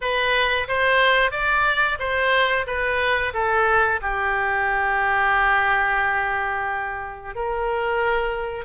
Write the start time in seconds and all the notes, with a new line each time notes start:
0.01 B4
0.68 C5
1.31 D5
1.99 C5
2.66 B4
3.33 A4
4.02 G4
7.35 A#4